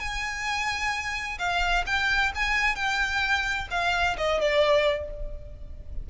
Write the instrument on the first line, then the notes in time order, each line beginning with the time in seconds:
violin
0.00 G#5
1.39 F5
1.87 G5
2.35 G#5
2.75 G5
3.71 F5
4.17 D#5
4.41 D5